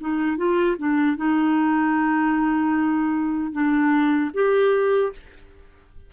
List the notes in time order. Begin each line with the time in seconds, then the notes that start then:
0.00 D#4
0.37 F4
0.78 D4
1.16 D#4
3.52 D4
4.33 G4